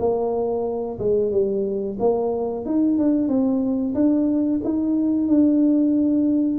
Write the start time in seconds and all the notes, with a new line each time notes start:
0.00 A#3
0.99 G#3
1.32 G3
2.00 A#3
2.66 D#4
2.99 D4
3.29 C4
3.95 D4
4.64 D#4
5.28 D4